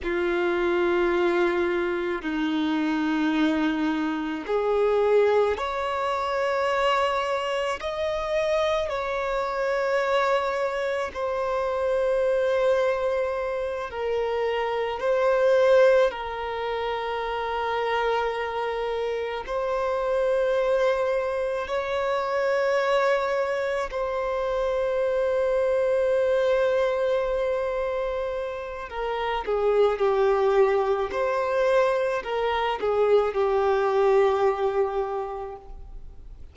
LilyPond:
\new Staff \with { instrumentName = "violin" } { \time 4/4 \tempo 4 = 54 f'2 dis'2 | gis'4 cis''2 dis''4 | cis''2 c''2~ | c''8 ais'4 c''4 ais'4.~ |
ais'4. c''2 cis''8~ | cis''4. c''2~ c''8~ | c''2 ais'8 gis'8 g'4 | c''4 ais'8 gis'8 g'2 | }